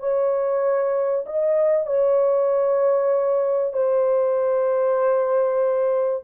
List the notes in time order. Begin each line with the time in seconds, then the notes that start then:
0.00 C#5
1.26 D#5
1.86 C#5
3.73 C5